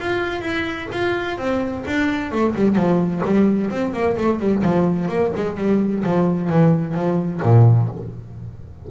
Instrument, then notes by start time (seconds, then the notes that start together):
double bass
0.00 F4
0.42 E4
0.92 F4
1.38 C4
1.87 D4
2.32 A3
2.56 G3
2.76 F3
3.25 G3
3.71 C4
3.93 A#3
4.18 A3
4.40 G3
4.63 F3
5.09 A#3
5.36 G#3
5.58 G3
6.04 F3
6.50 E3
6.95 F3
7.42 A#2